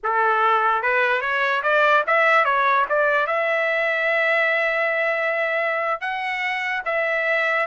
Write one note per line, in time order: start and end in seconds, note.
0.03 0.82 A4
0.82 1.21 B4
1.21 1.62 C#5
1.63 2.03 D5
2.06 2.44 E5
2.44 2.85 C#5
2.89 3.26 D5
3.26 6.00 E5
6.00 6.82 F#5
6.85 7.66 E5